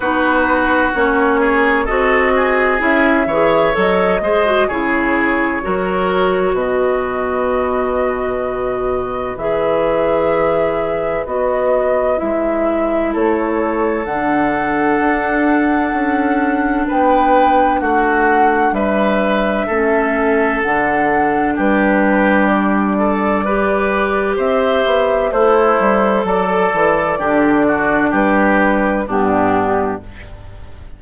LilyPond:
<<
  \new Staff \with { instrumentName = "flute" } { \time 4/4 \tempo 4 = 64 b'4 cis''4 dis''4 e''4 | dis''4 cis''2 dis''4~ | dis''2 e''2 | dis''4 e''4 cis''4 fis''4~ |
fis''2 g''4 fis''4 | e''2 fis''4 b'4 | d''2 e''4 c''4 | d''2 b'4 g'4 | }
  \new Staff \with { instrumentName = "oboe" } { \time 4/4 fis'4. gis'8 a'8 gis'4 cis''8~ | cis''8 c''8 gis'4 ais'4 b'4~ | b'1~ | b'2 a'2~ |
a'2 b'4 fis'4 | b'4 a'2 g'4~ | g'8 a'8 b'4 c''4 e'4 | a'4 g'8 fis'8 g'4 d'4 | }
  \new Staff \with { instrumentName = "clarinet" } { \time 4/4 dis'4 cis'4 fis'4 e'8 gis'8 | a'8 gis'16 fis'16 e'4 fis'2~ | fis'2 gis'2 | fis'4 e'2 d'4~ |
d'1~ | d'4 cis'4 d'2~ | d'4 g'2 a'4~ | a'4 d'2 b4 | }
  \new Staff \with { instrumentName = "bassoon" } { \time 4/4 b4 ais4 c'4 cis'8 e8 | fis8 gis8 cis4 fis4 b,4~ | b,2 e2 | b4 gis4 a4 d4 |
d'4 cis'4 b4 a4 | g4 a4 d4 g4~ | g2 c'8 b8 a8 g8 | fis8 e8 d4 g4 g,4 | }
>>